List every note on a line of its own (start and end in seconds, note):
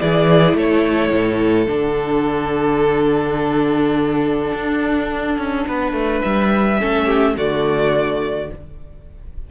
0.00 0.54 E3
0.00 1.67 E4
0.00 0.58 G#4
0.00 0.57 D5
0.54 1.10 A3
0.54 5.68 A4
0.54 1.70 C#5
1.11 1.67 A2
1.67 4.52 D3
1.67 6.76 D4
1.67 6.22 F#5
4.53 5.38 D4
5.38 5.66 C#4
5.68 5.93 B3
5.68 6.80 B4
5.93 6.21 A3
6.22 6.81 G3
6.22 7.35 E5
6.80 7.37 A3
6.80 7.37 C#4
6.80 7.06 A4
7.06 7.34 G4
7.37 8.50 D3
7.37 8.50 A3
7.37 8.50 F#4
7.37 8.51 D5